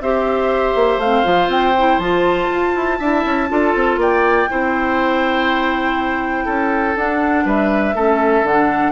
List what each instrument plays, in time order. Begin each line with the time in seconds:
0.00 bassoon C4, clarinet G4, oboe C5, flute E5
0.75 bassoon A#3
0.97 bassoon A3, clarinet C4, flute F5
1.24 bassoon F3, clarinet F4
1.47 bassoon C4, flute G5
1.78 clarinet E4
1.98 bassoon F3, clarinet F4, flute A5
2.51 bassoon F4
2.75 bassoon E4
2.98 bassoon D4, clarinet E4, oboe E5
3.25 bassoon C#4
3.48 bassoon D4, clarinet F4, oboe A4
3.75 bassoon C4
3.97 bassoon A#3, oboe D5, flute G5
4.49 bassoon C4, clarinet E4, oboe C5
6.45 bassoon C#4, oboe A4
6.95 bassoon D4, clarinet D4, flute F#5
7.44 bassoon G3, oboe B4, flute E5
7.94 bassoon A3, clarinet C#4, oboe A4
8.42 bassoon D3, clarinet D4, flute F#5